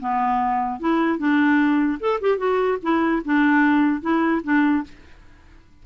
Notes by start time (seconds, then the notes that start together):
0.00 B3
0.80 E4
1.18 D4
2.00 A4
2.21 G4
2.38 F#4
2.82 E4
3.25 D4
4.01 E4
4.43 D4